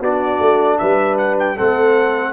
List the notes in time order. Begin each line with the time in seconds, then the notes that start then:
0.00 B3 D4 F#4 D5
0.39 A3
0.78 G3 B4 E5
1.18 F#5
1.39 G5
1.57 A3 C4 A4 F#5